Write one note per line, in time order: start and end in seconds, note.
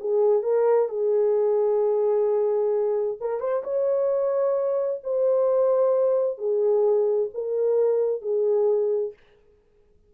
0.00 0.43 G#4
0.43 0.89 A#4
0.89 3.18 G#4
3.20 3.40 A#4
3.40 3.63 C5
3.64 5.01 C#5
5.03 6.38 C5
6.38 7.29 G#4
7.34 8.22 A#4
8.22 9.13 G#4